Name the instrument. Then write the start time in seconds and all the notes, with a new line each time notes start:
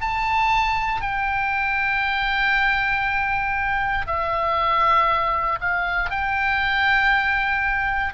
oboe
0.00 A5
1.01 G5
4.06 E5
5.60 F5
6.10 G5